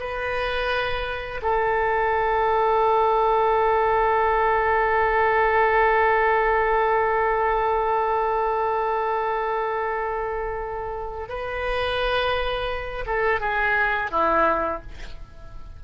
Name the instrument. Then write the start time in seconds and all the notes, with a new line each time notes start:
oboe
0.00 B4
1.42 A4
11.29 B4
13.07 A4
13.41 G#4
14.11 E4